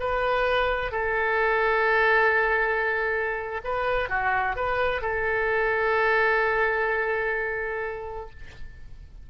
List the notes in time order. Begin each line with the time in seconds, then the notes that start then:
0.00 B4
0.92 A4
3.65 B4
4.10 F#4
4.56 B4
5.02 A4